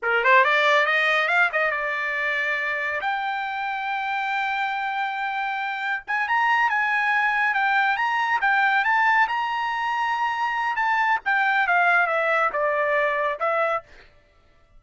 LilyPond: \new Staff \with { instrumentName = "trumpet" } { \time 4/4 \tempo 4 = 139 ais'8 c''8 d''4 dis''4 f''8 dis''8 | d''2. g''4~ | g''1~ | g''2 gis''8 ais''4 gis''8~ |
gis''4. g''4 ais''4 g''8~ | g''8 a''4 ais''2~ ais''8~ | ais''4 a''4 g''4 f''4 | e''4 d''2 e''4 | }